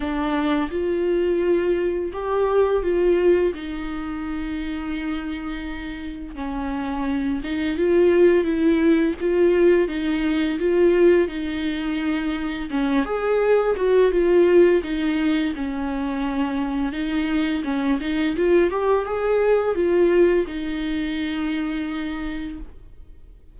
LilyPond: \new Staff \with { instrumentName = "viola" } { \time 4/4 \tempo 4 = 85 d'4 f'2 g'4 | f'4 dis'2.~ | dis'4 cis'4. dis'8 f'4 | e'4 f'4 dis'4 f'4 |
dis'2 cis'8 gis'4 fis'8 | f'4 dis'4 cis'2 | dis'4 cis'8 dis'8 f'8 g'8 gis'4 | f'4 dis'2. | }